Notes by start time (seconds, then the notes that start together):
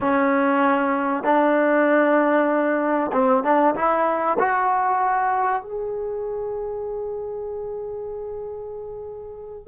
0.00 C#4
1.23 D4
3.12 C4
3.43 D4
3.75 E4
4.39 F#4
5.62 G#4